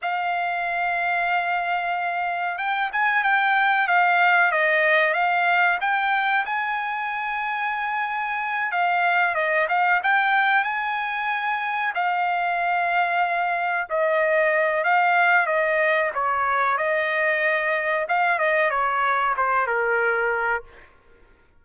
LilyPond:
\new Staff \with { instrumentName = "trumpet" } { \time 4/4 \tempo 4 = 93 f''1 | g''8 gis''8 g''4 f''4 dis''4 | f''4 g''4 gis''2~ | gis''4. f''4 dis''8 f''8 g''8~ |
g''8 gis''2 f''4.~ | f''4. dis''4. f''4 | dis''4 cis''4 dis''2 | f''8 dis''8 cis''4 c''8 ais'4. | }